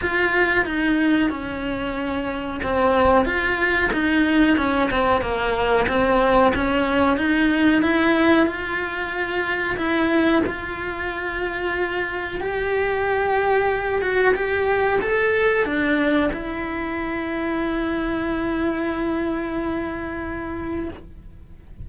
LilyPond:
\new Staff \with { instrumentName = "cello" } { \time 4/4 \tempo 4 = 92 f'4 dis'4 cis'2 | c'4 f'4 dis'4 cis'8 c'8 | ais4 c'4 cis'4 dis'4 | e'4 f'2 e'4 |
f'2. g'4~ | g'4. fis'8 g'4 a'4 | d'4 e'2.~ | e'1 | }